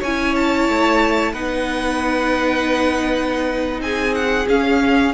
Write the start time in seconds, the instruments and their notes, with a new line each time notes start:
0.00 cello C#4, violin C#5 G#5
0.06 viola E4
0.36 violin A5
0.69 cello A3
1.33 cello B3, viola D#4, violin B4 F#5
3.80 cello C4, violin G#4 G#5
4.15 violin F#5
4.49 cello C#4, viola C#4, violin F5